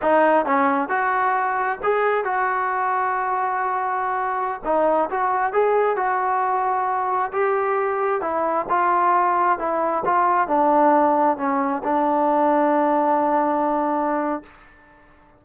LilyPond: \new Staff \with { instrumentName = "trombone" } { \time 4/4 \tempo 4 = 133 dis'4 cis'4 fis'2 | gis'4 fis'2.~ | fis'2~ fis'16 dis'4 fis'8.~ | fis'16 gis'4 fis'2~ fis'8.~ |
fis'16 g'2 e'4 f'8.~ | f'4~ f'16 e'4 f'4 d'8.~ | d'4~ d'16 cis'4 d'4.~ d'16~ | d'1 | }